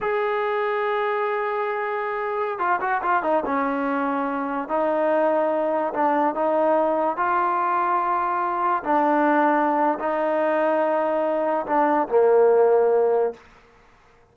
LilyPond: \new Staff \with { instrumentName = "trombone" } { \time 4/4 \tempo 4 = 144 gis'1~ | gis'2~ gis'16 f'8 fis'8 f'8 dis'16~ | dis'16 cis'2. dis'8.~ | dis'2~ dis'16 d'4 dis'8.~ |
dis'4~ dis'16 f'2~ f'8.~ | f'4~ f'16 d'2~ d'8. | dis'1 | d'4 ais2. | }